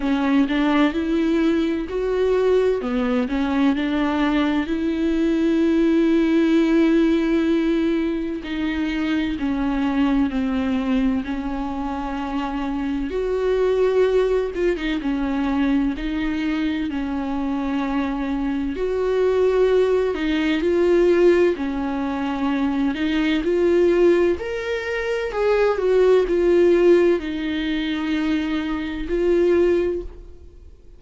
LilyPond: \new Staff \with { instrumentName = "viola" } { \time 4/4 \tempo 4 = 64 cis'8 d'8 e'4 fis'4 b8 cis'8 | d'4 e'2.~ | e'4 dis'4 cis'4 c'4 | cis'2 fis'4. f'16 dis'16 |
cis'4 dis'4 cis'2 | fis'4. dis'8 f'4 cis'4~ | cis'8 dis'8 f'4 ais'4 gis'8 fis'8 | f'4 dis'2 f'4 | }